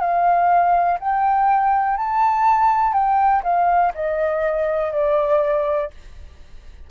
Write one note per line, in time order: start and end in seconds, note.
0.00 0.98 F5
1.00 1.97 G5
1.97 2.93 A5
2.93 3.42 G5
3.43 3.93 F5
3.94 4.92 D#5
4.92 5.91 D5